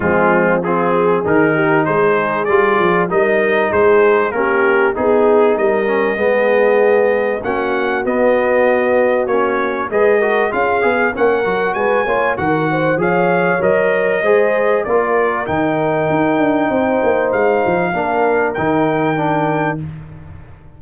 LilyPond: <<
  \new Staff \with { instrumentName = "trumpet" } { \time 4/4 \tempo 4 = 97 f'4 gis'4 ais'4 c''4 | d''4 dis''4 c''4 ais'4 | gis'4 dis''2. | fis''4 dis''2 cis''4 |
dis''4 f''4 fis''4 gis''4 | fis''4 f''4 dis''2 | d''4 g''2. | f''2 g''2 | }
  \new Staff \with { instrumentName = "horn" } { \time 4/4 c'4 f'8 gis'4 g'8 gis'4~ | gis'4 ais'4 gis'4 g'4 | gis'4 ais'4 gis'2 | fis'1 |
b'8 ais'8 gis'4 ais'4 b'8 cis''8 | ais'8 c''8 cis''2 c''4 | ais'2. c''4~ | c''4 ais'2. | }
  \new Staff \with { instrumentName = "trombone" } { \time 4/4 gis4 c'4 dis'2 | f'4 dis'2 cis'4 | dis'4. cis'8 b2 | cis'4 b2 cis'4 |
gis'8 fis'8 f'8 gis'8 cis'8 fis'4 f'8 | fis'4 gis'4 ais'4 gis'4 | f'4 dis'2.~ | dis'4 d'4 dis'4 d'4 | }
  \new Staff \with { instrumentName = "tuba" } { \time 4/4 f2 dis4 gis4 | g8 f8 g4 gis4 ais4 | b4 g4 gis2 | ais4 b2 ais4 |
gis4 cis'8 b8 ais8 fis8 gis8 ais8 | dis4 f4 fis4 gis4 | ais4 dis4 dis'8 d'8 c'8 ais8 | gis8 f8 ais4 dis2 | }
>>